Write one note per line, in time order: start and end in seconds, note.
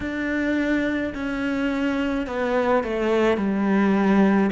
0.00 1.13 D4
1.14 2.26 C#4
2.26 2.83 B3
2.83 3.37 A3
3.37 4.50 G3